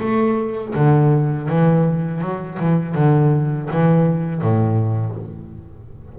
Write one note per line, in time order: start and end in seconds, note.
0.00 0.74 A3
0.75 1.48 D3
1.48 2.21 E3
2.21 2.58 F#3
2.59 2.95 E3
2.95 3.69 D3
3.71 4.41 E3
4.41 5.16 A2